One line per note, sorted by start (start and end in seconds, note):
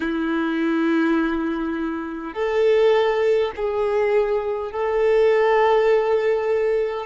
0.00 2.33 E4
2.33 3.51 A4
3.56 4.71 G#4
4.71 7.06 A4